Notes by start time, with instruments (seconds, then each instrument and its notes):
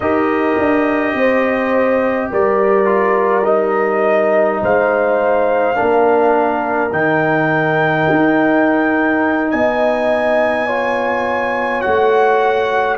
0.00 tuba D#4, trombone G4, horn A#4, trumpet D#5
0.58 tuba D4
1.13 tuba C4, horn C5
2.31 tuba G3, horn A#4, trumpet D5
2.85 trombone F4
3.44 trombone D#4, trumpet D#5
4.61 tuba G#3, horn C5, trumpet F5
5.74 tuba A#3, trombone D4, horn A#4
6.91 tuba D#3, trombone D#4, trumpet G5
8.10 tuba D#4
9.50 tuba B3, horn D#5, trumpet G#5
10.66 trombone F4, horn C#5
11.81 tuba A3, trombone F#4, trumpet F#5